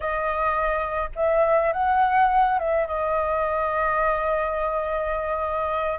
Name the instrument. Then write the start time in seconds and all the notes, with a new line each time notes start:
flute
0.00 D#5
1.15 E5
1.72 F#5
2.58 E5
2.87 D#5